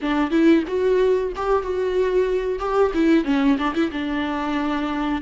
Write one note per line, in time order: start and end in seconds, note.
0.01 0.31 D4
0.31 0.63 E4
0.67 1.32 F#4
1.35 1.62 G4
1.62 2.59 F#4
2.59 2.91 G4
2.93 3.24 E4
3.24 3.57 C#4
3.58 3.74 D4
3.74 3.90 E4
3.91 5.21 D4